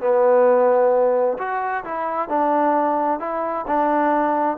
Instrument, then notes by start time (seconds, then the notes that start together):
trombone
0.00 B3
1.38 F#4
1.84 E4
2.29 D4
3.19 E4
3.67 D4